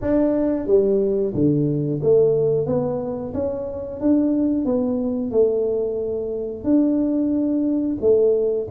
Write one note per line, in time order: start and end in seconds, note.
0.01 0.66 D4
0.66 1.33 G3
1.34 2.01 D3
2.02 2.66 A3
2.66 3.33 B3
3.33 4.00 C#4
4.00 4.65 D4
4.65 5.31 B3
5.31 6.63 A3
6.63 7.97 D4
8.01 8.67 A3